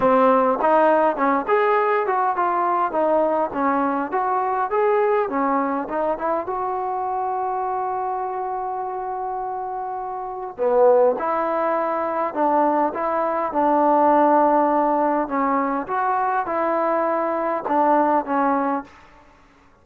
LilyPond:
\new Staff \with { instrumentName = "trombone" } { \time 4/4 \tempo 4 = 102 c'4 dis'4 cis'8 gis'4 fis'8 | f'4 dis'4 cis'4 fis'4 | gis'4 cis'4 dis'8 e'8 fis'4~ | fis'1~ |
fis'2 b4 e'4~ | e'4 d'4 e'4 d'4~ | d'2 cis'4 fis'4 | e'2 d'4 cis'4 | }